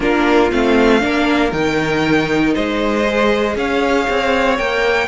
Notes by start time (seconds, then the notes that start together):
0.00 A#3 D4 F4 A#4
0.51 A3 C4 F5
0.99 A#3 D4 A#4
1.51 D#3 D#4 G5
2.54 G#3 C5 D#5
3.04 G#4
3.56 C#4 C#5 F5
4.09 C4
4.58 A#3 A#4 G5